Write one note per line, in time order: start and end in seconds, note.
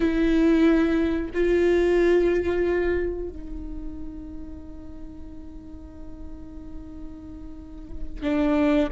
0.00 1.31 E4
1.33 3.28 F4
3.28 8.22 D#4
8.22 8.88 D4